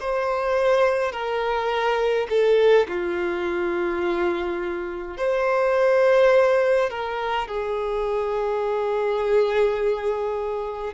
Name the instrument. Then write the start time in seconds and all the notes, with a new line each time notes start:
violin
0.00 C5
1.12 A#4
2.29 A4
2.88 F4
5.18 C5
6.90 A#4
7.47 G#4